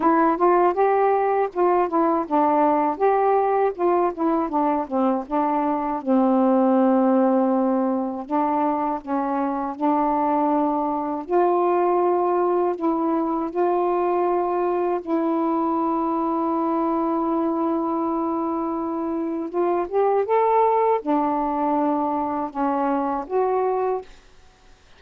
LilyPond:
\new Staff \with { instrumentName = "saxophone" } { \time 4/4 \tempo 4 = 80 e'8 f'8 g'4 f'8 e'8 d'4 | g'4 f'8 e'8 d'8 c'8 d'4 | c'2. d'4 | cis'4 d'2 f'4~ |
f'4 e'4 f'2 | e'1~ | e'2 f'8 g'8 a'4 | d'2 cis'4 fis'4 | }